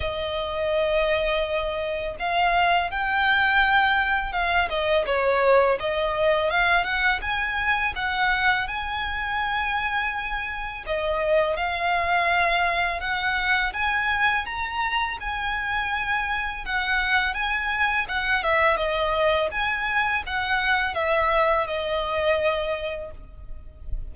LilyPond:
\new Staff \with { instrumentName = "violin" } { \time 4/4 \tempo 4 = 83 dis''2. f''4 | g''2 f''8 dis''8 cis''4 | dis''4 f''8 fis''8 gis''4 fis''4 | gis''2. dis''4 |
f''2 fis''4 gis''4 | ais''4 gis''2 fis''4 | gis''4 fis''8 e''8 dis''4 gis''4 | fis''4 e''4 dis''2 | }